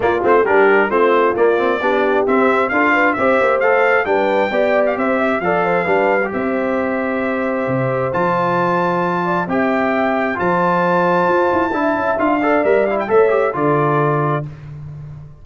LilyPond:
<<
  \new Staff \with { instrumentName = "trumpet" } { \time 4/4 \tempo 4 = 133 d''8 c''8 ais'4 c''4 d''4~ | d''4 e''4 f''4 e''4 | f''4 g''4.~ g''16 f''16 e''4 | f''2 e''2~ |
e''2 a''2~ | a''4 g''2 a''4~ | a''2. f''4 | e''8 f''16 g''16 e''4 d''2 | }
  \new Staff \with { instrumentName = "horn" } { \time 4/4 f'4 g'4 f'2 | g'2 a'8 b'8 c''4~ | c''4 b'4 d''4 c''8 e''8 | d''8 c''8 b'4 c''2~ |
c''1~ | c''8 d''8 e''2 c''4~ | c''2 e''4. d''8~ | d''4 cis''4 a'2 | }
  \new Staff \with { instrumentName = "trombone" } { \time 4/4 ais8 c'8 d'4 c'4 ais8 c'8 | d'4 c'4 f'4 g'4 | a'4 d'4 g'2 | a'4 d'8. g'2~ g'16~ |
g'2 f'2~ | f'4 g'2 f'4~ | f'2 e'4 f'8 a'8 | ais'8 e'8 a'8 g'8 f'2 | }
  \new Staff \with { instrumentName = "tuba" } { \time 4/4 ais8 a8 g4 a4 ais4 | b4 c'4 d'4 c'8 ais8 | a4 g4 b4 c'4 | f4 g4 c'2~ |
c'4 c4 f2~ | f4 c'2 f4~ | f4 f'8 e'8 d'8 cis'8 d'4 | g4 a4 d2 | }
>>